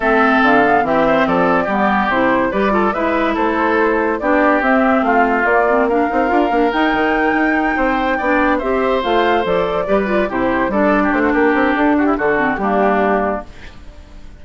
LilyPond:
<<
  \new Staff \with { instrumentName = "flute" } { \time 4/4 \tempo 4 = 143 e''4 f''4 e''4 d''4~ | d''4 c''4 d''4 e''4 | c''2 d''4 e''4 | f''4 d''4 f''2 |
g''1~ | g''8 e''4 f''4 d''4.~ | d''8 c''4 d''4 c''8 ais'4 | a'8 g'8 a'4 g'2 | }
  \new Staff \with { instrumentName = "oboe" } { \time 4/4 a'2 g'8 c''8 a'4 | g'2 b'8 a'8 b'4 | a'2 g'2 | f'2 ais'2~ |
ais'2~ ais'8 c''4 d''8~ | d''8 c''2. b'8~ | b'8 g'4 a'8. g'8 fis'16 g'4~ | g'8 fis'16 e'16 fis'4 d'2 | }
  \new Staff \with { instrumentName = "clarinet" } { \time 4/4 c'4. b8 c'2 | b4 e'4 g'8 f'8 e'4~ | e'2 d'4 c'4~ | c'4 ais8 c'8 d'8 dis'8 f'8 d'8 |
dis'2.~ dis'8 d'8~ | d'8 g'4 f'4 a'4 g'8 | f'8 e'4 d'2~ d'8~ | d'4. c'8 ais2 | }
  \new Staff \with { instrumentName = "bassoon" } { \time 4/4 a4 d4 e4 f4 | g4 c4 g4 gis4 | a2 b4 c'4 | a4 ais4. c'8 d'8 ais8 |
dis'8 dis4 dis'4 c'4 b8~ | b8 c'4 a4 f4 g8~ | g8 c4 g4 a8 ais8 c'8 | d'4 d4 g2 | }
>>